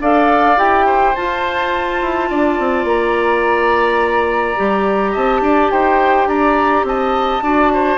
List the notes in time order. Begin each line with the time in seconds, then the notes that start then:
0.00 D4 A4 D5 F5
0.57 E4 G4 G5
0.86 C5
1.15 F4 A5
2.01 E4
2.30 D4 D5
2.58 C4
2.84 A#3 A#5
4.56 G3 G4
5.11 C4 D#5 A5
5.41 D4 D5
5.71 D#4 C5 G5
6.26 D4 D5 A#5
6.83 C4 D#5 A5
7.42 D4 F#4 D5
7.73 C5